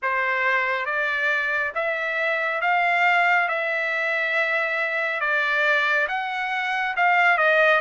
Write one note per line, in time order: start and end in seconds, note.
0.02 0.85 C5
0.85 1.72 D5
1.74 2.61 E5
2.61 3.48 F5
3.48 5.20 E5
5.20 6.07 D5
6.08 6.95 F#5
6.96 7.37 F5
7.37 7.80 D#5